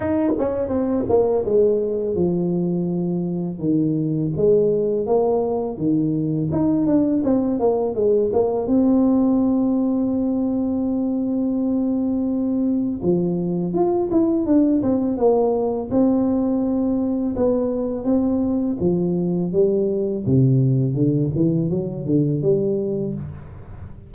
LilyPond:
\new Staff \with { instrumentName = "tuba" } { \time 4/4 \tempo 4 = 83 dis'8 cis'8 c'8 ais8 gis4 f4~ | f4 dis4 gis4 ais4 | dis4 dis'8 d'8 c'8 ais8 gis8 ais8 | c'1~ |
c'2 f4 f'8 e'8 | d'8 c'8 ais4 c'2 | b4 c'4 f4 g4 | c4 d8 e8 fis8 d8 g4 | }